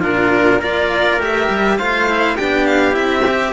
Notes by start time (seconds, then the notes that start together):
0.00 A#2 D4 F4 A#4
0.59 A#3 F4 A#4 D5
1.18 A3 G4 E5
1.49 G3
1.78 A3 F4 C5 F5
2.07 E4
2.36 B3 D4 G4 G5
2.66 F5
2.92 C4 E4 E5
3.27 G4